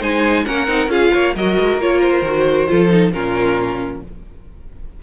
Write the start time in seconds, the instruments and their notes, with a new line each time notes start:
0.00 cello G#3, viola D#4, violin C5 G#5
0.46 cello A#3, viola C#4, violin A#4 F#5
0.68 cello C4, viola D#4
0.88 cello C#4, viola F4, violin G#4 F5
1.13 cello A#3, violin C#5
1.36 cello F#3, viola F#4, violin A#4 D#5
1.60 cello G#3
1.77 cello A#3, viola F4, violin C#5
2.01 violin C5
2.22 cello D#3, viola F#4
2.68 cello F3, viola F4, violin A4
2.90 viola D#4
3.12 cello A#2, viola C#4, violin F4 A#4